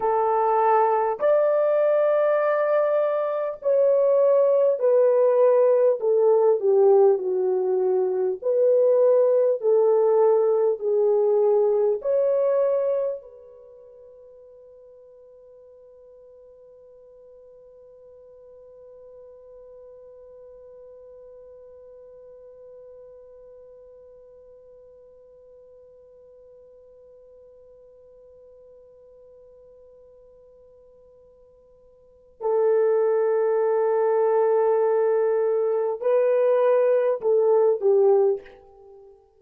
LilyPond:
\new Staff \with { instrumentName = "horn" } { \time 4/4 \tempo 4 = 50 a'4 d''2 cis''4 | b'4 a'8 g'8 fis'4 b'4 | a'4 gis'4 cis''4 b'4~ | b'1~ |
b'1~ | b'1~ | b'2. a'4~ | a'2 b'4 a'8 g'8 | }